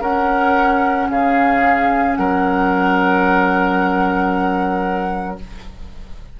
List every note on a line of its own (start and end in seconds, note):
0.00 1.07 C#4
0.00 5.38 C#4
0.00 1.08 A#4
0.00 1.10 F#5
1.09 2.16 C#3
1.09 2.18 G#4
1.09 2.15 F5
2.15 5.39 F#3
2.15 5.40 A#4
2.15 5.36 F#5